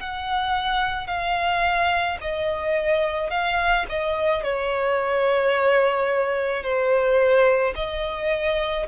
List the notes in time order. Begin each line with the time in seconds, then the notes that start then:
0.00 F#5
1.07 F5
2.21 D#5
3.31 F5
3.89 D#5
4.44 C#5
6.63 C5
7.76 D#5